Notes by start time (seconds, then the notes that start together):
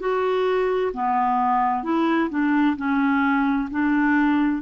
0.00 F#4
0.94 B3
1.83 E4
2.30 D4
2.77 C#4
3.70 D4